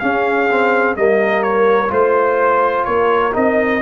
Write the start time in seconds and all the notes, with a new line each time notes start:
0.00 C#4 G#4 F5
0.51 C4
0.96 G3 A#3 A#4 D#5
1.43 C#5
1.89 A3 F4 C5
2.86 A#3 A#4 C#5
3.34 C4 D#4 D#5